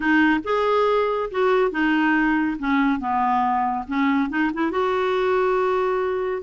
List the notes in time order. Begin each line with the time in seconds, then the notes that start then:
0.00 D#4
0.44 G#4
1.30 F#4
1.71 D#4
2.58 C#4
2.99 B3
3.87 C#4
4.29 D#4
4.53 E4
4.71 F#4